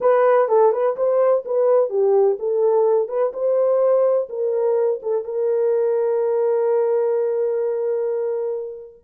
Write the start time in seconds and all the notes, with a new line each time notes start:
0.01 B4
0.48 A4
0.72 B4
0.96 C5
1.45 B4
1.89 G4
2.39 A4
3.08 B4
3.33 C5
4.29 A#4
5.02 A4
5.24 A#4